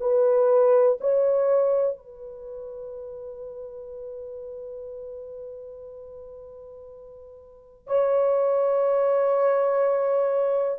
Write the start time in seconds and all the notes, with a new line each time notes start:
0.00 B4
1.01 C#5
1.97 B4
7.87 C#5